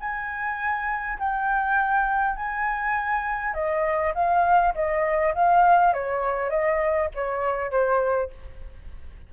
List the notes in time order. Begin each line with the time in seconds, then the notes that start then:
0.00 G#5
1.19 G5
2.37 G#5
3.54 D#5
4.15 F5
4.75 D#5
5.35 F5
5.94 C#5
6.50 D#5
7.15 C#5
7.71 C5